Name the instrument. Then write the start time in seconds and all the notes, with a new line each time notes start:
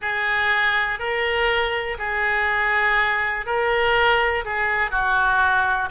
oboe
0.01 G#4
0.99 A#4
1.98 G#4
3.46 A#4
4.44 G#4
4.90 F#4